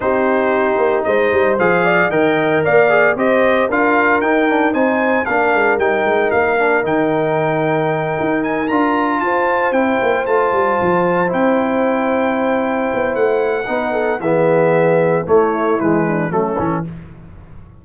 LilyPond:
<<
  \new Staff \with { instrumentName = "trumpet" } { \time 4/4 \tempo 4 = 114 c''2 dis''4 f''4 | g''4 f''4 dis''4 f''4 | g''4 gis''4 f''4 g''4 | f''4 g''2. |
gis''8 ais''4 a''4 g''4 a''8~ | a''4. g''2~ g''8~ | g''4 fis''2 e''4~ | e''4 cis''4 b'4 a'4 | }
  \new Staff \with { instrumentName = "horn" } { \time 4/4 g'2 c''4. d''8 | dis''4 d''4 c''4 ais'4~ | ais'4 c''4 ais'2~ | ais'1~ |
ais'4. c''2~ c''8~ | c''1~ | c''2 b'8 a'8 gis'4~ | gis'4 e'4. d'8 cis'4 | }
  \new Staff \with { instrumentName = "trombone" } { \time 4/4 dis'2. gis'4 | ais'4. gis'8 g'4 f'4 | dis'8 d'8 dis'4 d'4 dis'4~ | dis'8 d'8 dis'2.~ |
dis'8 f'2 e'4 f'8~ | f'4. e'2~ e'8~ | e'2 dis'4 b4~ | b4 a4 gis4 a8 cis'8 | }
  \new Staff \with { instrumentName = "tuba" } { \time 4/4 c'4. ais8 gis8 g8 f4 | dis4 ais4 c'4 d'4 | dis'4 c'4 ais8 gis8 g8 gis8 | ais4 dis2~ dis8 dis'8~ |
dis'8 d'4 f'4 c'8 ais8 a8 | g8 f4 c'2~ c'8~ | c'8 b8 a4 b4 e4~ | e4 a4 e4 fis8 e8 | }
>>